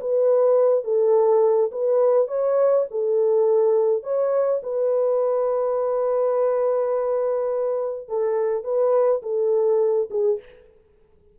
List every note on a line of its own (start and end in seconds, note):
0.00 0.84 B4
0.84 1.70 A4
1.72 2.28 B4
2.28 2.85 C#5
2.91 4.03 A4
4.03 4.61 C#5
4.63 8.08 B4
8.08 8.64 A4
8.64 9.22 B4
9.23 10.09 A4
10.10 10.39 G#4